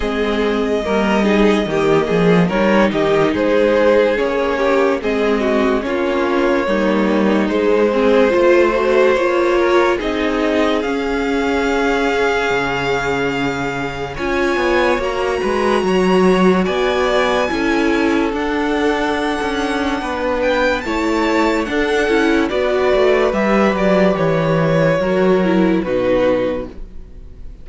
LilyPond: <<
  \new Staff \with { instrumentName = "violin" } { \time 4/4 \tempo 4 = 72 dis''2. cis''8 dis''8 | c''4 cis''4 dis''4 cis''4~ | cis''4 c''2 cis''4 | dis''4 f''2.~ |
f''4 gis''4 ais''2 | gis''2 fis''2~ | fis''8 g''8 a''4 fis''4 d''4 | e''8 d''8 cis''2 b'4 | }
  \new Staff \with { instrumentName = "violin" } { \time 4/4 gis'4 ais'8 gis'8 g'8 gis'8 ais'8 g'8 | gis'4. g'8 gis'8 fis'8 f'4 | dis'4. gis'8 c''4. ais'8 | gis'1~ |
gis'4 cis''4. b'8 cis''4 | d''4 a'2. | b'4 cis''4 a'4 b'4~ | b'2 ais'4 fis'4 | }
  \new Staff \with { instrumentName = "viola" } { \time 4/4 c'4 ais8 dis'8 ais4 dis'4~ | dis'4 cis'4 c'4 cis'4 | ais4 gis8 c'8 f'8 fis'8 f'4 | dis'4 cis'2.~ |
cis'4 f'4 fis'2~ | fis'4 e'4 d'2~ | d'4 e'4 d'8 e'8 fis'4 | g'2 fis'8 e'8 dis'4 | }
  \new Staff \with { instrumentName = "cello" } { \time 4/4 gis4 g4 dis8 f8 g8 dis8 | gis4 ais4 gis4 ais4 | g4 gis4 a4 ais4 | c'4 cis'2 cis4~ |
cis4 cis'8 b8 ais8 gis8 fis4 | b4 cis'4 d'4~ d'16 cis'8. | b4 a4 d'8 cis'8 b8 a8 | g8 fis8 e4 fis4 b,4 | }
>>